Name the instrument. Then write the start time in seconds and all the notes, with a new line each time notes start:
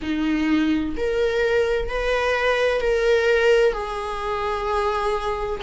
viola
0.02 D#4
0.96 A#4
1.89 B4
2.80 A#4
3.72 G#4